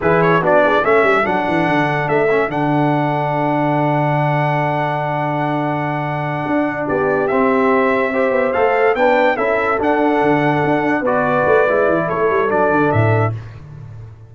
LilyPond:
<<
  \new Staff \with { instrumentName = "trumpet" } { \time 4/4 \tempo 4 = 144 b'8 cis''8 d''4 e''4 fis''4~ | fis''4 e''4 fis''2~ | fis''1~ | fis''1~ |
fis''8 d''4 e''2~ e''8~ | e''8 f''4 g''4 e''4 fis''8~ | fis''2~ fis''8 d''4.~ | d''4 cis''4 d''4 e''4 | }
  \new Staff \with { instrumentName = "horn" } { \time 4/4 gis'4 fis'8 gis'8 a'2~ | a'1~ | a'1~ | a'1~ |
a'8 g'2. c''8~ | c''4. b'4 a'4.~ | a'2~ a'8 b'4.~ | b'4 a'2. | }
  \new Staff \with { instrumentName = "trombone" } { \time 4/4 e'4 d'4 cis'4 d'4~ | d'4. cis'8 d'2~ | d'1~ | d'1~ |
d'4. c'2 g'8~ | g'8 a'4 d'4 e'4 d'8~ | d'2~ d'8 fis'4. | e'2 d'2 | }
  \new Staff \with { instrumentName = "tuba" } { \time 4/4 e4 b4 a8 g8 fis8 e8 | d4 a4 d2~ | d1~ | d2.~ d8 d'8~ |
d'8 b4 c'2~ c'8 | b8 a4 b4 cis'4 d'8~ | d'8 d4 d'4 b4 a8 | gis8 e8 a8 g8 fis8 d8 a,4 | }
>>